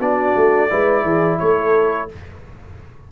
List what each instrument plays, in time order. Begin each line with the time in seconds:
0.00 tuba B3, trombone D4, horn F#4, trumpet D5
0.36 tuba A3
0.70 tuba G#3, trombone E4, horn B4
1.03 tuba E3, horn G#4
1.39 tuba A3, horn A4, trumpet C#5